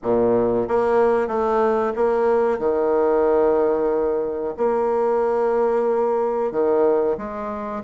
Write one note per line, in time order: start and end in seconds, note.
0.02 0.68 A#2
0.68 1.27 A#3
1.27 1.92 A3
1.95 2.58 A#3
2.58 4.54 D#3
4.57 6.51 A#3
6.51 7.17 D#3
7.17 7.83 G#3